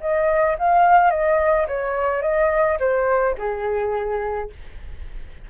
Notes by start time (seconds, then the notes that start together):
0.00 D#5
0.58 F5
1.10 D#5
1.67 C#5
2.22 D#5
2.79 C5
3.38 G#4